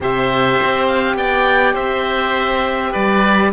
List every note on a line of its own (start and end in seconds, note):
0.00 0.59 C3
0.00 3.53 G4
0.00 1.17 C5
0.00 0.87 E5
0.62 1.15 C4
0.87 1.16 F5
1.15 1.74 B3
1.15 1.74 D5
1.15 1.75 G5
1.74 2.93 C4
1.74 2.91 C5
1.74 2.93 E5
2.91 3.53 G3
2.91 3.50 B4
2.91 3.52 D5